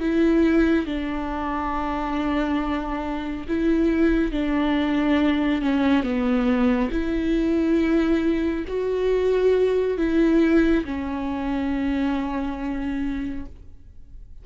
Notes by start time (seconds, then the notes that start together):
0.00 E4
0.86 D4
3.48 E4
4.32 D4
5.62 C#4
6.03 B3
6.91 E4
8.68 F#4
9.98 E4
10.85 C#4